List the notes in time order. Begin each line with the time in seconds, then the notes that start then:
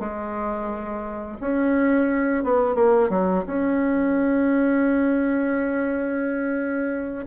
0.00 G#3
1.41 C#4
2.44 B3
2.76 A#3
3.10 F#3
3.47 C#4